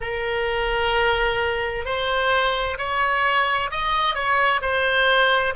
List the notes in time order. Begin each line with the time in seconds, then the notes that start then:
0.00 A#4
1.85 C5
2.78 C#5
3.70 D#5
4.15 C#5
4.61 C5